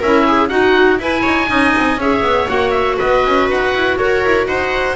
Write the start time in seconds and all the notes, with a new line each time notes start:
0.00 C#4 E4 A#4 E5
0.27 G#4
0.48 D#4 F#4 F#5
0.99 E4 B4 G#5
1.22 D#4 C#5
1.47 C#4 D#4 D#5
1.76 C4
1.97 C#4 G#4 C#5 E5
2.23 B3
2.47 A#3 F#4 F#5
2.71 E5
2.97 B3 B4 D#5
3.25 C#4
3.50 D#4 F#5
3.74 E4
3.98 F#4 A#4 C#5
4.25 E4
4.46 D#4 C5 F#5